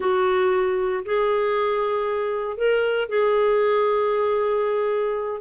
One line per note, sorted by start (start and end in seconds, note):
0.00 1.03 F#4
1.05 2.57 G#4
2.57 3.08 A#4
3.08 5.41 G#4